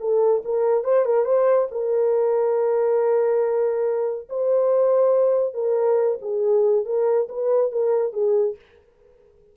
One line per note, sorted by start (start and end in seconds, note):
0.00 0.43 A4
0.45 0.84 A#4
0.84 1.05 C5
1.05 1.25 A#4
1.25 1.68 C5
1.71 4.28 A#4
4.29 5.54 C5
5.54 6.18 A#4
6.21 6.85 G#4
6.85 7.28 A#4
7.29 7.72 B4
7.72 8.13 A#4
8.13 8.56 G#4